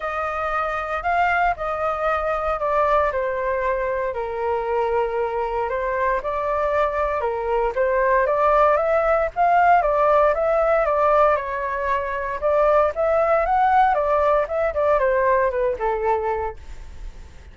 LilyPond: \new Staff \with { instrumentName = "flute" } { \time 4/4 \tempo 4 = 116 dis''2 f''4 dis''4~ | dis''4 d''4 c''2 | ais'2. c''4 | d''2 ais'4 c''4 |
d''4 e''4 f''4 d''4 | e''4 d''4 cis''2 | d''4 e''4 fis''4 d''4 | e''8 d''8 c''4 b'8 a'4. | }